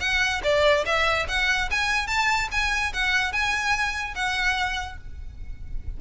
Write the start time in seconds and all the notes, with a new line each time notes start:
0.00 F#5
0.43 D5
0.85 E5
1.28 F#5
1.71 G#5
2.07 A5
2.52 G#5
2.93 F#5
3.32 G#5
4.15 F#5